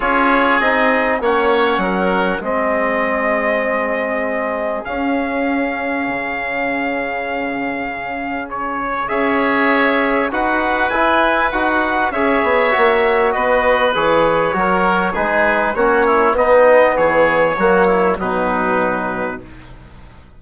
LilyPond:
<<
  \new Staff \with { instrumentName = "trumpet" } { \time 4/4 \tempo 4 = 99 cis''4 dis''4 fis''2 | dis''1 | f''1~ | f''2 cis''4 e''4~ |
e''4 fis''4 gis''4 fis''4 | e''2 dis''4 cis''4~ | cis''4 b'4 cis''4 dis''4 | cis''2 b'2 | }
  \new Staff \with { instrumentName = "oboe" } { \time 4/4 gis'2 cis''4 ais'4 | gis'1~ | gis'1~ | gis'2. cis''4~ |
cis''4 b'2. | cis''2 b'2 | ais'4 gis'4 fis'8 e'8 dis'4 | gis'4 fis'8 e'8 dis'2 | }
  \new Staff \with { instrumentName = "trombone" } { \time 4/4 f'4 dis'4 cis'2 | c'1 | cis'1~ | cis'2. gis'4~ |
gis'4 fis'4 e'4 fis'4 | gis'4 fis'2 gis'4 | fis'4 dis'4 cis'4 b4~ | b4 ais4 fis2 | }
  \new Staff \with { instrumentName = "bassoon" } { \time 4/4 cis'4 c'4 ais4 fis4 | gis1 | cis'2 cis2~ | cis2. cis'4~ |
cis'4 dis'4 e'4 dis'4 | cis'8 b8 ais4 b4 e4 | fis4 gis4 ais4 b4 | e4 fis4 b,2 | }
>>